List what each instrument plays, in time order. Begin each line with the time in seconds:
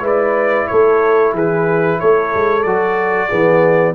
0.00 tuba G#3, trombone E4, horn B4
0.06 trumpet D5
0.67 tuba A3, horn A4, trumpet C#5
1.32 tuba E3, horn G#4, trumpet B4
1.99 tuba A3, horn A4, trumpet C#5
2.35 tuba G#3
2.62 tuba F#3, trombone F#4, trumpet D5
3.28 tuba E3, trombone B3, horn G#4